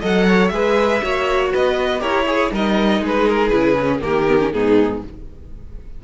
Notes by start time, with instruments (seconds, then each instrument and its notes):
0.00 cello F#3, viola A4, violin D#5 F#5
0.27 violin C#5
0.47 cello G#3, viola G#4, violin E5
0.54 violin B4
1.01 cello A#3, viola F#4, violin C#5
1.52 cello B3, violin B4 D#5
1.99 cello E4, viola G4, violin A#4 C#5
2.26 viola G#4, violin G#4
2.51 cello G3, viola D#4, violin A#4 D#5
3.00 cello G#3, violin G#4 B4
3.28 violin A#4
3.48 cello C#3, viola E4, violin B4
3.79 viola C#4
4.00 cello D#3, viola A#3, violin G4 A#4
4.28 viola B3
4.39 viola C#4
4.52 cello G#2, viola B3, violin D#4 G#4